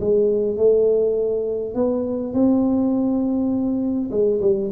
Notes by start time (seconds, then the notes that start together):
0.00 G#3
0.56 A3
1.74 B3
2.33 C4
4.11 G#3
4.41 G3